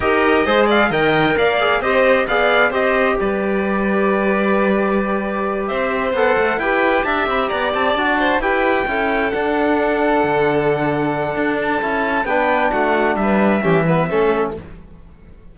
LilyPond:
<<
  \new Staff \with { instrumentName = "trumpet" } { \time 4/4 \tempo 4 = 132 dis''4. f''8 g''4 f''4 | dis''4 f''4 dis''4 d''4~ | d''1~ | d''8 e''4 fis''4 g''4 a''8 |
b''8 ais''8 a''4. g''4.~ | g''8 fis''2.~ fis''8~ | fis''4. a''4. g''4 | fis''4 e''2. | }
  \new Staff \with { instrumentName = "violin" } { \time 4/4 ais'4 c''8 d''8 dis''4 d''4 | c''4 d''4 c''4 b'4~ | b'1~ | b'8 c''2 b'4 e''8~ |
e''8 d''4. c''8 b'4 a'8~ | a'1~ | a'2. b'4 | fis'4 b'4 g'8 b'8 a'4 | }
  \new Staff \with { instrumentName = "trombone" } { \time 4/4 g'4 gis'4 ais'4. gis'8 | g'4 gis'4 g'2~ | g'1~ | g'4. a'4 g'4.~ |
g'4. fis'4 g'4 e'8~ | e'8 d'2.~ d'8~ | d'2 e'4 d'4~ | d'2 cis'8 b8 cis'4 | }
  \new Staff \with { instrumentName = "cello" } { \time 4/4 dis'4 gis4 dis4 ais4 | c'4 b4 c'4 g4~ | g1~ | g8 c'4 b8 a8 e'4 d'8 |
c'8 b8 c'8 d'4 e'4 cis'8~ | cis'8 d'2 d4.~ | d4 d'4 cis'4 b4 | a4 g4 e4 a4 | }
>>